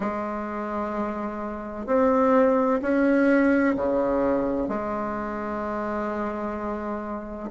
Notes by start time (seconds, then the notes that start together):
0.00 G#3
1.86 C4
2.82 C#4
3.76 C#3
4.68 G#3